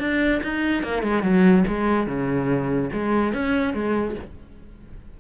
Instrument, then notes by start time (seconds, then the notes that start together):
cello
0.00 D4
0.43 D#4
0.83 A#3
1.03 G#3
1.23 F#3
1.68 G#3
2.07 C#3
2.93 G#3
3.34 C#4
3.74 G#3